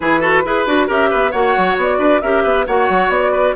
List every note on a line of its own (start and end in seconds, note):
0.00 0.44 E3
0.00 0.20 E4
0.00 0.20 G#4
0.00 0.88 B4
0.20 0.42 F#4
0.20 0.42 A4
0.44 0.66 E4
0.44 0.66 G#4
0.44 0.87 B4
0.66 0.88 D4
0.66 0.87 F#4
0.87 1.11 C#4
0.87 1.32 G4
0.87 1.09 A#4
0.87 1.31 E5
1.10 1.33 B3
1.10 1.31 B4
1.31 1.55 A#3
1.31 2.22 F#4
1.31 1.97 C#5
1.31 1.76 F#5
1.57 1.76 F#3
1.76 1.98 B3
1.76 2.21 D5
1.98 2.20 D4
1.98 2.20 B4
2.21 2.44 C#4
2.21 2.67 G4
2.21 2.43 A#4
2.21 2.65 E5
2.43 2.66 B3
2.43 2.65 B4
2.66 2.89 A#3
2.66 3.56 F#4
2.66 3.31 C#5
2.66 3.10 F#5
2.89 3.08 F#3
3.08 3.53 B3
3.08 3.55 D5
3.31 3.54 B4